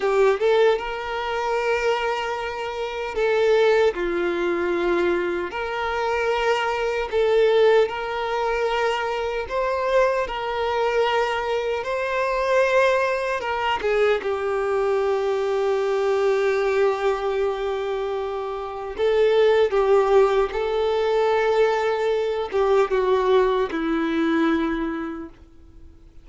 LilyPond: \new Staff \with { instrumentName = "violin" } { \time 4/4 \tempo 4 = 76 g'8 a'8 ais'2. | a'4 f'2 ais'4~ | ais'4 a'4 ais'2 | c''4 ais'2 c''4~ |
c''4 ais'8 gis'8 g'2~ | g'1 | a'4 g'4 a'2~ | a'8 g'8 fis'4 e'2 | }